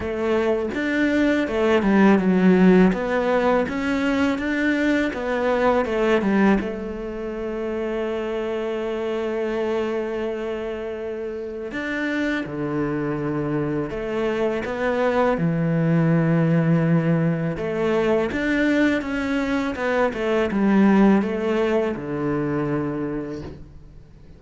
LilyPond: \new Staff \with { instrumentName = "cello" } { \time 4/4 \tempo 4 = 82 a4 d'4 a8 g8 fis4 | b4 cis'4 d'4 b4 | a8 g8 a2.~ | a1 |
d'4 d2 a4 | b4 e2. | a4 d'4 cis'4 b8 a8 | g4 a4 d2 | }